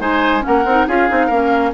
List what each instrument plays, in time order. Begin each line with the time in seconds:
0.00 bassoon G#3, clarinet D#4, oboe C5, flute G#5
0.42 bassoon A#3, clarinet C#4, flute F#5
0.48 oboe A#4
0.65 bassoon C4, clarinet D#4
0.87 bassoon C#4, clarinet F4, oboe G#4, flute F5
1.09 bassoon C4, clarinet D#4
1.27 bassoon A#3, clarinet C#4, oboe A#4